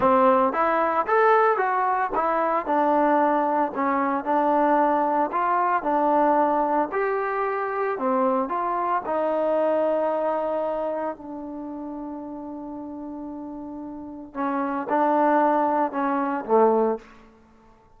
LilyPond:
\new Staff \with { instrumentName = "trombone" } { \time 4/4 \tempo 4 = 113 c'4 e'4 a'4 fis'4 | e'4 d'2 cis'4 | d'2 f'4 d'4~ | d'4 g'2 c'4 |
f'4 dis'2.~ | dis'4 d'2.~ | d'2. cis'4 | d'2 cis'4 a4 | }